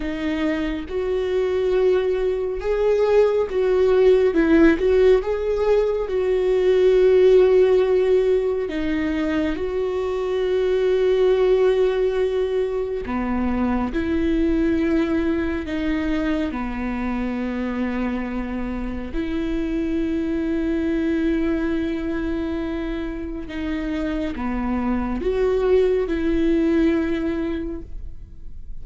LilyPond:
\new Staff \with { instrumentName = "viola" } { \time 4/4 \tempo 4 = 69 dis'4 fis'2 gis'4 | fis'4 e'8 fis'8 gis'4 fis'4~ | fis'2 dis'4 fis'4~ | fis'2. b4 |
e'2 dis'4 b4~ | b2 e'2~ | e'2. dis'4 | b4 fis'4 e'2 | }